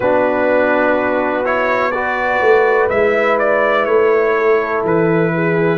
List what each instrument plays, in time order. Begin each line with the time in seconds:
0.00 tuba B3, trombone D4, horn F#4, trumpet B4
1.44 trombone E4, trumpet C#5
1.91 trombone F#4, horn B4, trumpet D5
2.40 tuba A3
2.89 tuba G#3, trombone E4, trumpet E5
3.38 trumpet D5
3.85 tuba A3, trumpet C#5
4.36 horn A4
4.84 tuba E3, trumpet B4
5.33 horn G#4